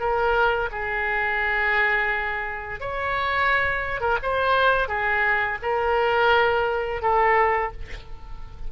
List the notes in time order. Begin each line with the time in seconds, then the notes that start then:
0.00 A#4
0.71 G#4
2.80 C#5
4.01 A#4
4.23 C5
4.88 G#4
5.62 A#4
7.02 A4